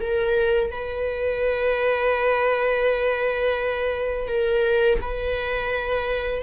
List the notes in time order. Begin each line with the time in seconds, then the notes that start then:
0.00 A#4
0.71 B4
4.28 A#4
5.01 B4